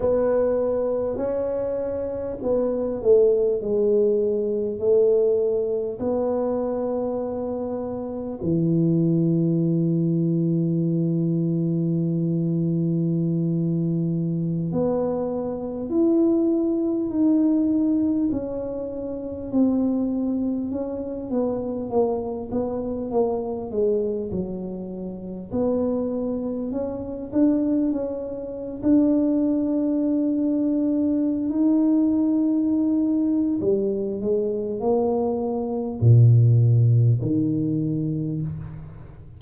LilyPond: \new Staff \with { instrumentName = "tuba" } { \time 4/4 \tempo 4 = 50 b4 cis'4 b8 a8 gis4 | a4 b2 e4~ | e1~ | e16 b4 e'4 dis'4 cis'8.~ |
cis'16 c'4 cis'8 b8 ais8 b8 ais8 gis16~ | gis16 fis4 b4 cis'8 d'8 cis'8. | d'2~ d'16 dis'4.~ dis'16 | g8 gis8 ais4 ais,4 dis4 | }